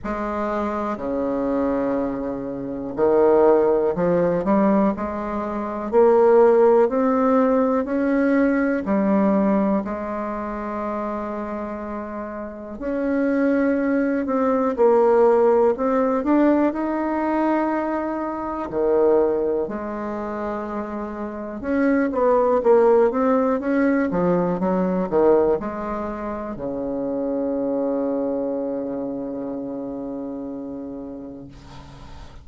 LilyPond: \new Staff \with { instrumentName = "bassoon" } { \time 4/4 \tempo 4 = 61 gis4 cis2 dis4 | f8 g8 gis4 ais4 c'4 | cis'4 g4 gis2~ | gis4 cis'4. c'8 ais4 |
c'8 d'8 dis'2 dis4 | gis2 cis'8 b8 ais8 c'8 | cis'8 f8 fis8 dis8 gis4 cis4~ | cis1 | }